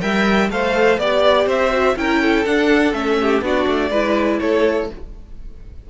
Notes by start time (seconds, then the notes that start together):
0.00 G3 A#4 E5 G5
0.49 A3 A4 C5 F5
0.98 B3 G4 D5
1.46 C4 C5 E5
1.71 F#4
1.96 C#4 E4 A#4 G5
2.22 A4
2.45 D4 F#5
2.93 A3 C#4 E5
3.21 G4
3.41 B3 D4 F#4 D5
3.66 A3
3.90 G#3 E4 B4
4.39 A3 A4 C#5